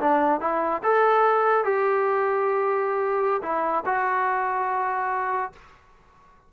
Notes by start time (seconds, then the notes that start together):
0.00 D4
0.41 E4
0.83 A4
1.65 G4
3.43 E4
3.86 F#4